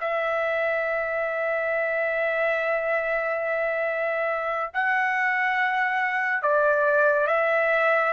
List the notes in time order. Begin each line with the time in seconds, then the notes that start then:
0.00 E5
4.73 F#5
6.42 D5
7.27 E5